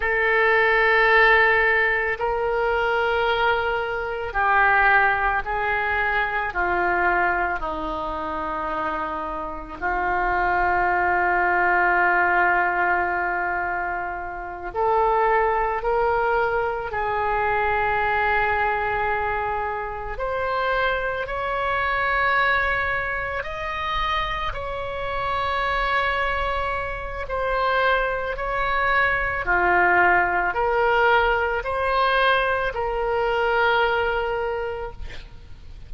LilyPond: \new Staff \with { instrumentName = "oboe" } { \time 4/4 \tempo 4 = 55 a'2 ais'2 | g'4 gis'4 f'4 dis'4~ | dis'4 f'2.~ | f'4. a'4 ais'4 gis'8~ |
gis'2~ gis'8 c''4 cis''8~ | cis''4. dis''4 cis''4.~ | cis''4 c''4 cis''4 f'4 | ais'4 c''4 ais'2 | }